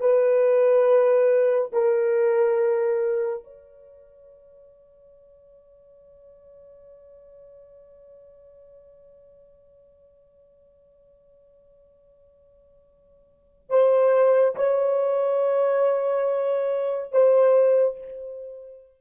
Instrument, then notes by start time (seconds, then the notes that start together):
horn
0.00 B4
1.72 A#4
3.44 C#5
13.69 C5
14.56 C#5
17.12 C5